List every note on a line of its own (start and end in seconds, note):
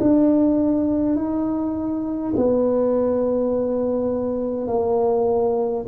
0.00 1.16 D4
1.16 2.34 D#4
2.37 4.68 B3
4.68 5.86 A#3